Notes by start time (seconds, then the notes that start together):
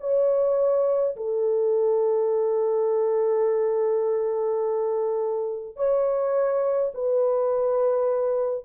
0.00 C#5
1.16 A4
5.76 C#5
6.94 B4